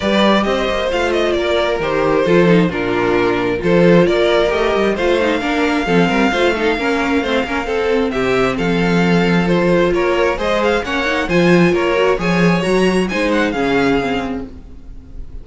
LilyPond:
<<
  \new Staff \with { instrumentName = "violin" } { \time 4/4 \tempo 4 = 133 d''4 dis''4 f''8 dis''8 d''4 | c''2 ais'2 | c''4 d''4 dis''4 f''4~ | f''1~ |
f''2 e''4 f''4~ | f''4 c''4 cis''4 dis''8 f''8 | fis''4 gis''4 cis''4 gis''4 | ais''4 gis''8 fis''8 f''2 | }
  \new Staff \with { instrumentName = "violin" } { \time 4/4 b'4 c''2 ais'4~ | ais'4 a'4 f'2 | a'4 ais'2 c''4 | ais'4 a'8 ais'8 c''8 a'8 ais'4 |
c''8 ais'8 a'4 g'4 a'4~ | a'2 ais'4 c''4 | cis''4 c''4 ais'4 cis''4~ | cis''4 c''4 gis'2 | }
  \new Staff \with { instrumentName = "viola" } { \time 4/4 g'2 f'2 | g'4 f'8 dis'8 d'2 | f'2 g'4 f'8 dis'8 | d'4 c'4 f'8 dis'8 cis'4 |
c'8 cis'8 c'2.~ | c'4 f'2 gis'4 | cis'8 dis'8 f'4. fis'8 gis'4 | fis'4 dis'4 cis'4 c'4 | }
  \new Staff \with { instrumentName = "cello" } { \time 4/4 g4 c'8 ais8 a4 ais4 | dis4 f4 ais,2 | f4 ais4 a8 g8 a4 | ais4 f8 g8 a4 ais4 |
a8 ais8 c'4 c4 f4~ | f2 ais4 gis4 | ais4 f4 ais4 f4 | fis4 gis4 cis2 | }
>>